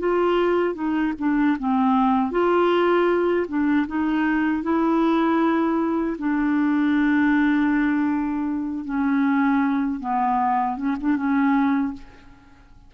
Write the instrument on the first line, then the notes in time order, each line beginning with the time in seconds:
clarinet
0.00 F4
0.75 D#4
1.19 D4
1.59 C4
2.31 F4
3.49 D4
3.88 D#4
4.63 E4
6.19 D4
8.85 C#4
10.00 B3
10.77 C#4
11.01 D4
11.17 C#4